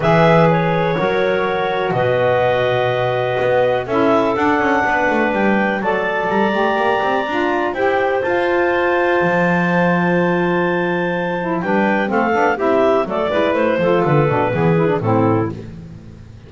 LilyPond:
<<
  \new Staff \with { instrumentName = "clarinet" } { \time 4/4 \tempo 4 = 124 e''4 cis''2. | dis''1 | e''4 fis''2 g''4 | a''4 ais''2. |
g''4 a''2.~ | a''1 | g''4 f''4 e''4 d''4 | c''4 b'2 a'4 | }
  \new Staff \with { instrumentName = "clarinet" } { \time 4/4 b'2 ais'2 | b'1 | a'2 b'2 | d''1 |
c''1~ | c''1 | b'4 a'4 g'4 a'8 b'8~ | b'8 a'4. gis'4 e'4 | }
  \new Staff \with { instrumentName = "saxophone" } { \time 4/4 gis'2 fis'2~ | fis'1 | e'4 d'2. | a'4. g'4. f'4 |
g'4 f'2.~ | f'2.~ f'8 e'8 | d'4 c'8 d'8 e'4 a8 e'8~ | e'8 f'4 d'8 b8 e'16 d'16 c'4 | }
  \new Staff \with { instrumentName = "double bass" } { \time 4/4 e2 fis2 | b,2. b4 | cis'4 d'8 cis'8 b8 a8 g4 | fis4 g8 a8 ais8 c'8 d'4 |
e'4 f'2 f4~ | f1 | g4 a8 b8 c'4 fis8 gis8 | a8 f8 d8 b,8 e4 a,4 | }
>>